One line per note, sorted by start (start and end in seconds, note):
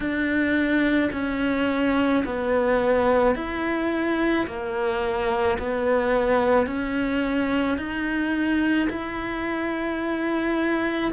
0.00 1.10 D4
1.12 2.23 C#4
2.25 3.35 B3
3.35 4.46 E4
4.46 5.58 A#3
5.58 6.66 B3
6.66 7.77 C#4
7.77 8.88 D#4
8.89 11.11 E4